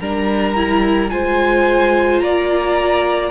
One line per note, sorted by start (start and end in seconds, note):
0.00 1.11 G3
0.00 0.56 D4
0.00 1.12 A#4
0.00 1.10 A#5
0.56 1.11 E4
1.10 2.22 G#3
1.10 3.31 F4
1.10 2.23 C5
1.10 2.20 G#5
2.20 3.31 A#3
2.20 3.31 D5
2.20 3.31 A#5